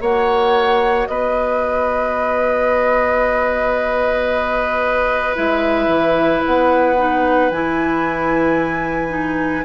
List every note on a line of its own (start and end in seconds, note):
0.00 1.07 A#3
0.00 5.35 F#4
0.00 1.08 C#5
0.00 1.06 F#5
1.06 5.36 B3
1.06 9.65 B4
1.06 5.35 D#5
5.35 5.87 G#3
5.35 6.95 E4
5.35 6.43 E5
5.87 6.41 E3
6.45 7.51 B3
6.45 7.50 F#5
6.97 7.50 D#4
7.50 9.65 E3
7.50 9.08 E4
7.50 9.65 G#5
9.08 9.62 D#4